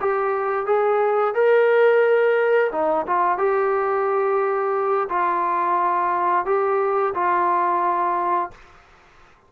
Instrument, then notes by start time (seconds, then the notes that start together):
trombone
0.00 G4
0.66 G#4
1.35 A#4
2.72 D#4
3.07 F4
3.38 G4
5.09 F4
6.46 G4
7.14 F4